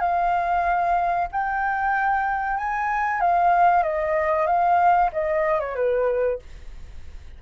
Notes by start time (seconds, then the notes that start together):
0.00 F5
1.32 G5
2.57 G#5
3.20 F5
3.83 D#5
4.46 F5
5.12 D#5
5.60 C#5
5.75 B4